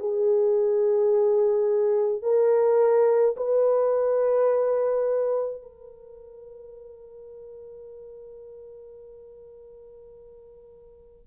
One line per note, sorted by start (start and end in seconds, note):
0.00 2.23 G#4
2.23 3.36 A#4
3.37 5.63 B4
5.63 11.27 A#4